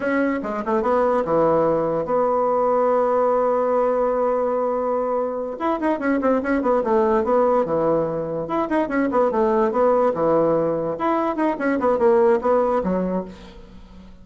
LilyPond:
\new Staff \with { instrumentName = "bassoon" } { \time 4/4 \tempo 4 = 145 cis'4 gis8 a8 b4 e4~ | e4 b2.~ | b1~ | b4. e'8 dis'8 cis'8 c'8 cis'8 |
b8 a4 b4 e4.~ | e8 e'8 dis'8 cis'8 b8 a4 b8~ | b8 e2 e'4 dis'8 | cis'8 b8 ais4 b4 fis4 | }